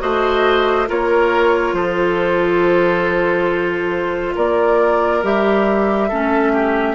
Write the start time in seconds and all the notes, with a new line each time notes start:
0.00 A3 F#4 C5 D#5
0.88 A#3 F4 A#4 C#5
1.73 F3 A4 C5
4.35 A#3 A#4 D5
5.24 G3 G4 E5
6.09 A3 C#4 A4
6.53 G4